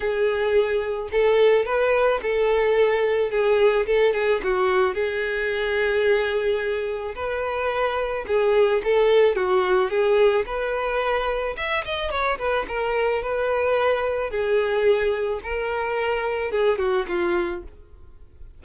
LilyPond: \new Staff \with { instrumentName = "violin" } { \time 4/4 \tempo 4 = 109 gis'2 a'4 b'4 | a'2 gis'4 a'8 gis'8 | fis'4 gis'2.~ | gis'4 b'2 gis'4 |
a'4 fis'4 gis'4 b'4~ | b'4 e''8 dis''8 cis''8 b'8 ais'4 | b'2 gis'2 | ais'2 gis'8 fis'8 f'4 | }